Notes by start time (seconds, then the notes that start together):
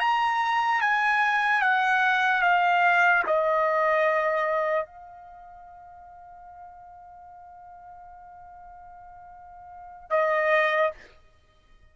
0.00 A#5
0.81 G#5
1.61 F#5
2.42 F5
3.27 D#5
4.86 F5
10.10 D#5